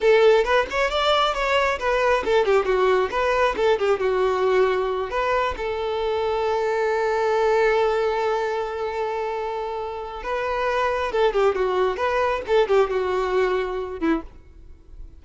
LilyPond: \new Staff \with { instrumentName = "violin" } { \time 4/4 \tempo 4 = 135 a'4 b'8 cis''8 d''4 cis''4 | b'4 a'8 g'8 fis'4 b'4 | a'8 g'8 fis'2~ fis'8 b'8~ | b'8 a'2.~ a'8~ |
a'1~ | a'2. b'4~ | b'4 a'8 g'8 fis'4 b'4 | a'8 g'8 fis'2~ fis'8 e'8 | }